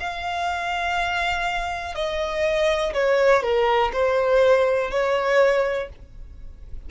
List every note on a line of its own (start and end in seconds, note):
0.00 1.95 F5
1.95 2.93 D#5
2.94 3.43 C#5
3.43 3.92 A#4
3.93 4.91 C5
4.91 5.90 C#5